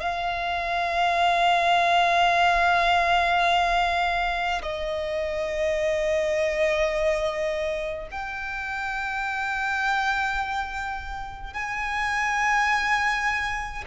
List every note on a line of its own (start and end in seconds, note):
0.00 4.62 F5
4.62 8.08 D#5
8.11 11.53 G5
11.53 13.84 G#5